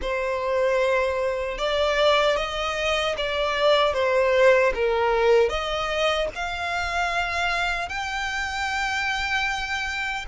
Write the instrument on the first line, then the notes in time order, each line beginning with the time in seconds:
violin
0.01 C5
1.58 D5
2.36 D#5
3.17 D5
3.93 C5
4.74 A#4
5.49 D#5
6.35 F5
7.88 G5